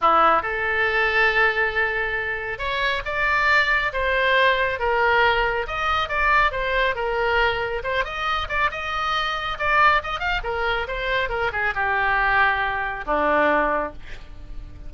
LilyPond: \new Staff \with { instrumentName = "oboe" } { \time 4/4 \tempo 4 = 138 e'4 a'2.~ | a'2 cis''4 d''4~ | d''4 c''2 ais'4~ | ais'4 dis''4 d''4 c''4 |
ais'2 c''8 dis''4 d''8 | dis''2 d''4 dis''8 f''8 | ais'4 c''4 ais'8 gis'8 g'4~ | g'2 d'2 | }